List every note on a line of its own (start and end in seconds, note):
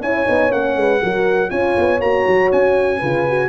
0.00 0.25 C#4
0.00 0.25 E4
0.00 0.76 C#5
0.00 0.51 G#5
0.25 0.51 B3
0.25 0.49 D#4
0.49 0.76 A#3
0.49 0.99 C#4
0.49 1.50 F#5
0.76 1.01 G#3
0.76 1.02 B4
1.02 1.51 F#3
1.02 1.49 F#4
1.02 1.50 A#4
1.49 1.76 C#4
1.49 1.99 F4
1.49 2.98 C#5
1.49 2.00 G#5
1.77 2.00 B3
2.00 2.25 A#3
2.00 3.00 F#4
2.00 2.51 A#5
2.27 2.52 F#3
2.51 3.01 C#4
2.51 3.49 G#5
2.98 3.49 C#3
2.98 3.27 F4
2.98 3.48 B4
3.27 3.49 F#4